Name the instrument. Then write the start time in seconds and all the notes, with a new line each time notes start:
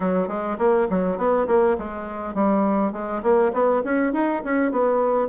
bassoon
0.00 F#3
0.28 G#3
0.58 A#3
0.90 F#3
1.17 B3
1.47 A#3
1.78 G#3
2.34 G3
2.92 G#3
3.22 A#3
3.53 B3
3.84 C#4
4.13 D#4
4.44 C#4
4.71 B3